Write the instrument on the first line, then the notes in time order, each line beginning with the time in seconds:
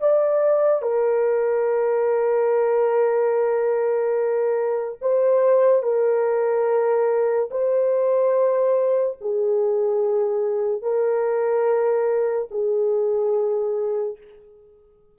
horn
0.00 D5
0.82 A#4
5.01 C5
5.83 A#4
7.51 C5
9.21 G#4
10.82 A#4
12.51 G#4